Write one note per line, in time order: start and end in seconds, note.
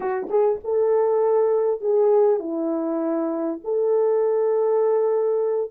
0.00 0.28 F#4
0.29 0.59 G#4
0.64 1.80 A4
1.80 2.39 G#4
2.39 3.59 E4
3.64 5.71 A4